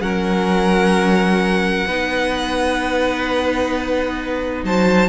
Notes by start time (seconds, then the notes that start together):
0.00 F#3 C#4 A#4 F#5
1.87 B3 D#4 B4
4.63 F#3 C5 A5